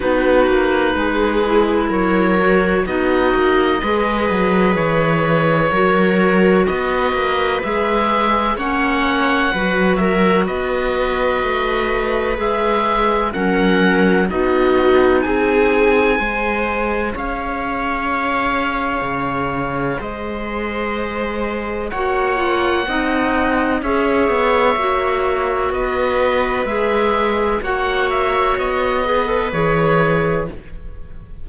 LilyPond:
<<
  \new Staff \with { instrumentName = "oboe" } { \time 4/4 \tempo 4 = 63 b'2 cis''4 dis''4~ | dis''4 cis''2 dis''4 | e''4 fis''4. e''8 dis''4~ | dis''4 e''4 fis''4 dis''4 |
gis''2 f''2~ | f''4 dis''2 fis''4~ | fis''4 e''2 dis''4 | e''4 fis''8 e''8 dis''4 cis''4 | }
  \new Staff \with { instrumentName = "viola" } { \time 4/4 fis'4 gis'4 ais'4 fis'4 | b'2 ais'4 b'4~ | b'4 cis''4 b'8 ais'8 b'4~ | b'2 ais'4 fis'4 |
gis'4 c''4 cis''2~ | cis''4 c''2 cis''4 | dis''4 cis''2 b'4~ | b'4 cis''4. b'4. | }
  \new Staff \with { instrumentName = "clarinet" } { \time 4/4 dis'4. e'4 fis'8 dis'4 | gis'2 fis'2 | gis'4 cis'4 fis'2~ | fis'4 gis'4 cis'4 dis'4~ |
dis'4 gis'2.~ | gis'2. fis'8 f'8 | dis'4 gis'4 fis'2 | gis'4 fis'4. gis'16 a'16 gis'4 | }
  \new Staff \with { instrumentName = "cello" } { \time 4/4 b8 ais8 gis4 fis4 b8 ais8 | gis8 fis8 e4 fis4 b8 ais8 | gis4 ais4 fis4 b4 | a4 gis4 fis4 b4 |
c'4 gis4 cis'2 | cis4 gis2 ais4 | c'4 cis'8 b8 ais4 b4 | gis4 ais4 b4 e4 | }
>>